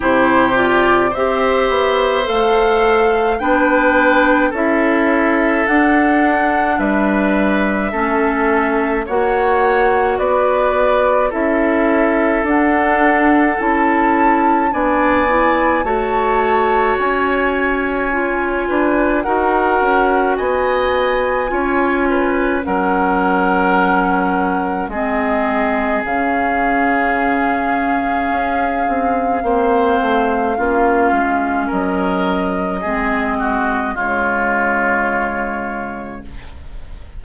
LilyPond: <<
  \new Staff \with { instrumentName = "flute" } { \time 4/4 \tempo 4 = 53 c''8 d''8 e''4 f''4 g''4 | e''4 fis''4 e''2 | fis''4 d''4 e''4 fis''4 | a''4 gis''4 a''4 gis''4~ |
gis''4 fis''4 gis''2 | fis''2 dis''4 f''4~ | f''1 | dis''2 cis''2 | }
  \new Staff \with { instrumentName = "oboe" } { \time 4/4 g'4 c''2 b'4 | a'2 b'4 a'4 | cis''4 b'4 a'2~ | a'4 d''4 cis''2~ |
cis''8 b'8 ais'4 dis''4 cis''8 b'8 | ais'2 gis'2~ | gis'2 c''4 f'4 | ais'4 gis'8 fis'8 f'2 | }
  \new Staff \with { instrumentName = "clarinet" } { \time 4/4 e'8 f'8 g'4 a'4 d'4 | e'4 d'2 cis'4 | fis'2 e'4 d'4 | e'4 d'8 e'8 fis'2 |
f'4 fis'2 f'4 | cis'2 c'4 cis'4~ | cis'2 c'4 cis'4~ | cis'4 c'4 gis2 | }
  \new Staff \with { instrumentName = "bassoon" } { \time 4/4 c4 c'8 b8 a4 b4 | cis'4 d'4 g4 a4 | ais4 b4 cis'4 d'4 | cis'4 b4 a4 cis'4~ |
cis'8 d'8 dis'8 cis'8 b4 cis'4 | fis2 gis4 cis4~ | cis4 cis'8 c'8 ais8 a8 ais8 gis8 | fis4 gis4 cis2 | }
>>